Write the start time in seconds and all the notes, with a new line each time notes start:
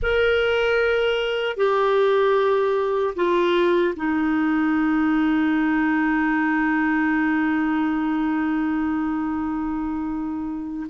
0.02 A#4
1.56 G4
3.15 F4
3.96 D#4